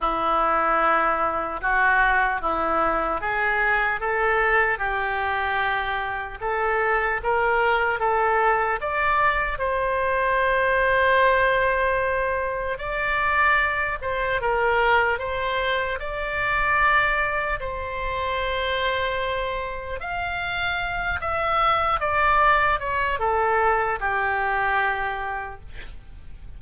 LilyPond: \new Staff \with { instrumentName = "oboe" } { \time 4/4 \tempo 4 = 75 e'2 fis'4 e'4 | gis'4 a'4 g'2 | a'4 ais'4 a'4 d''4 | c''1 |
d''4. c''8 ais'4 c''4 | d''2 c''2~ | c''4 f''4. e''4 d''8~ | d''8 cis''8 a'4 g'2 | }